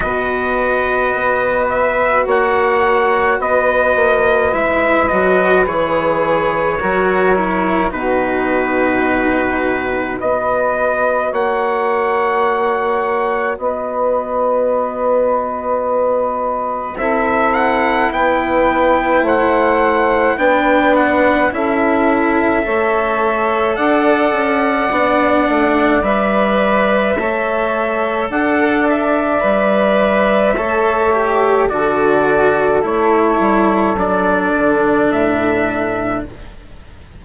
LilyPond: <<
  \new Staff \with { instrumentName = "trumpet" } { \time 4/4 \tempo 4 = 53 dis''4. e''8 fis''4 dis''4 | e''8 dis''8 cis''2 b'4~ | b'4 dis''4 fis''2 | dis''2. e''8 fis''8 |
g''4 fis''4 g''8 fis''8 e''4~ | e''4 fis''2 e''4~ | e''4 fis''8 e''2~ e''8 | d''4 cis''4 d''4 e''4 | }
  \new Staff \with { instrumentName = "saxophone" } { \time 4/4 b'2 cis''4 b'4~ | b'2 ais'4 fis'4~ | fis'4 b'4 cis''2 | b'2. a'4 |
b'4 c''4 b'4 a'4 | cis''4 d''2. | cis''4 d''2 cis''4 | a'1 | }
  \new Staff \with { instrumentName = "cello" } { \time 4/4 fis'1 | e'8 fis'8 gis'4 fis'8 e'8 dis'4~ | dis'4 fis'2.~ | fis'2. e'4~ |
e'2 d'4 e'4 | a'2 d'4 b'4 | a'2 b'4 a'8 g'8 | fis'4 e'4 d'2 | }
  \new Staff \with { instrumentName = "bassoon" } { \time 4/4 b,4 b4 ais4 b8 ais8 | gis8 fis8 e4 fis4 b,4~ | b,4 b4 ais2 | b2. c'4 |
b4 a4 b4 cis'4 | a4 d'8 cis'8 b8 a8 g4 | a4 d'4 g4 a4 | d4 a8 g8 fis8 d8 a,4 | }
>>